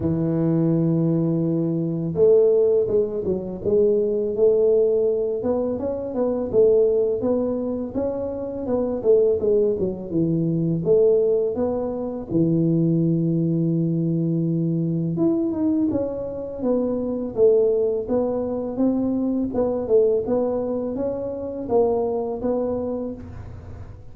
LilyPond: \new Staff \with { instrumentName = "tuba" } { \time 4/4 \tempo 4 = 83 e2. a4 | gis8 fis8 gis4 a4. b8 | cis'8 b8 a4 b4 cis'4 | b8 a8 gis8 fis8 e4 a4 |
b4 e2.~ | e4 e'8 dis'8 cis'4 b4 | a4 b4 c'4 b8 a8 | b4 cis'4 ais4 b4 | }